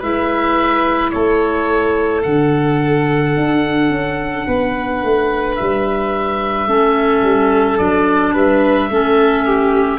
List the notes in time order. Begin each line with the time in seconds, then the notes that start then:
0.00 G#3 E4 B4 E5
1.11 A3 A4 C#5
2.23 D3 D4 F#5
3.37 D4
3.90 C#4
4.47 B3 B4
5.03 A3
5.56 G3 E5
6.67 A3 C#4 A4
7.23 G3
7.78 F#3 D4 D5
8.34 G3 B4 E5
8.90 A3 C#4 A4
9.46 G4